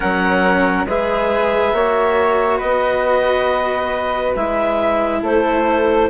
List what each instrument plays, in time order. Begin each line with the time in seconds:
0.00 bassoon F#3, cello C#4, flute A#4, clarinet F#5
0.85 bassoon G#3, cello G#4, flute B4, clarinet E5
1.72 bassoon A#3, cello F#4, flute C#5
2.57 bassoon B3, flute B4, clarinet D#5
4.35 bassoon G#3, cello E4, clarinet E5
5.22 bassoon A3, flute A4, clarinet C5